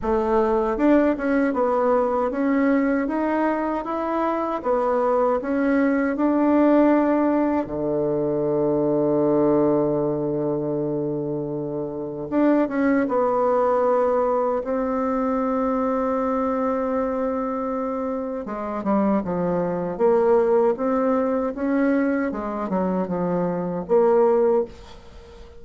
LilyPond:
\new Staff \with { instrumentName = "bassoon" } { \time 4/4 \tempo 4 = 78 a4 d'8 cis'8 b4 cis'4 | dis'4 e'4 b4 cis'4 | d'2 d2~ | d1 |
d'8 cis'8 b2 c'4~ | c'1 | gis8 g8 f4 ais4 c'4 | cis'4 gis8 fis8 f4 ais4 | }